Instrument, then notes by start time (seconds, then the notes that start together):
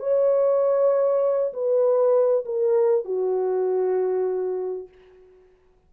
horn
0.00 C#5
1.53 B4
2.45 A#4
3.05 F#4